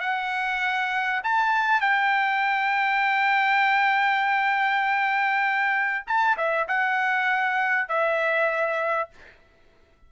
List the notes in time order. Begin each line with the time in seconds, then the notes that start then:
0.00 F#5
1.23 A5
1.81 G5
6.07 A5
6.37 E5
6.68 F#5
7.88 E5